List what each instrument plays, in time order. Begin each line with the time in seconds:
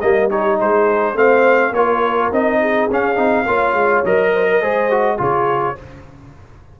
0.00 tuba G3, trombone A#3, trumpet D#5, horn D#5
0.29 trombone D#4, horn G4, trumpet C#5
0.59 tuba G#3, horn G#4, trumpet C5
1.14 tuba A3, trombone C4, horn C5, trumpet F5
1.71 tuba A#3, trombone F4, horn A#4, trumpet C#5
2.31 tuba C4, trombone D#4, trumpet D#5
2.60 horn G#4
2.90 tuba C#4, trombone C#4, trumpet F5
3.15 tuba C4, trombone D#4
3.46 tuba A#3, trombone F4, horn C#5
3.73 tuba G#3
4.04 tuba F#3, trombone A#4, trumpet D#5
4.32 horn C5
4.50 horn A#4
4.61 tuba G#3, trombone G#4, horn C5
4.90 trombone F#4
5.17 tuba C#3, trombone F4, horn G#4, trumpet C#5